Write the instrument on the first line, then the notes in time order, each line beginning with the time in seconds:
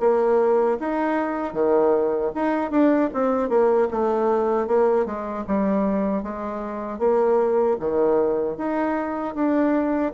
bassoon
0.00 A#3
0.80 D#4
1.53 D#3
2.35 D#4
2.71 D4
3.14 C4
3.49 A#3
3.91 A3
4.68 A#3
5.06 G#3
5.47 G3
6.23 G#3
6.99 A#3
7.80 D#3
8.57 D#4
9.35 D4